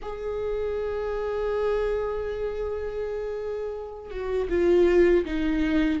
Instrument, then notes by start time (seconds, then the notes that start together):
viola
0.02 G#4
4.10 F#4
4.49 F4
5.25 D#4